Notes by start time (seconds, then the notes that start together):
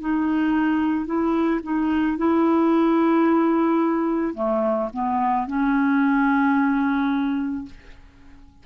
0.00 D#4
1.06 E4
1.63 D#4
2.17 E4
4.34 A3
4.93 B3
5.47 C#4